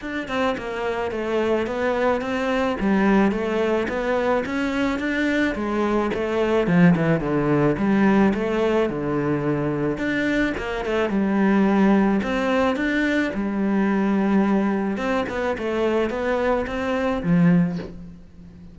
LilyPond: \new Staff \with { instrumentName = "cello" } { \time 4/4 \tempo 4 = 108 d'8 c'8 ais4 a4 b4 | c'4 g4 a4 b4 | cis'4 d'4 gis4 a4 | f8 e8 d4 g4 a4 |
d2 d'4 ais8 a8 | g2 c'4 d'4 | g2. c'8 b8 | a4 b4 c'4 f4 | }